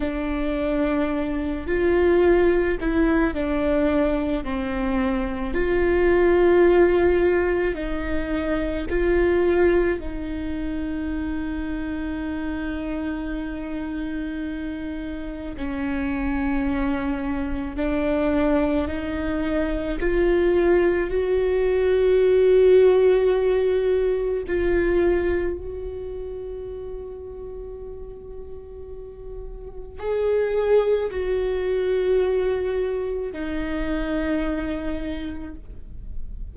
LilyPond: \new Staff \with { instrumentName = "viola" } { \time 4/4 \tempo 4 = 54 d'4. f'4 e'8 d'4 | c'4 f'2 dis'4 | f'4 dis'2.~ | dis'2 cis'2 |
d'4 dis'4 f'4 fis'4~ | fis'2 f'4 fis'4~ | fis'2. gis'4 | fis'2 dis'2 | }